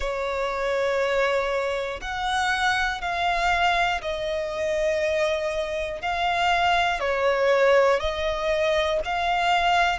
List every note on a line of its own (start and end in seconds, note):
0.00 2.00 C#5
2.01 3.01 F#5
3.01 4.01 F5
4.01 6.01 D#5
6.01 7.00 F5
7.00 8.00 C#5
8.00 9.00 D#5
9.05 9.98 F5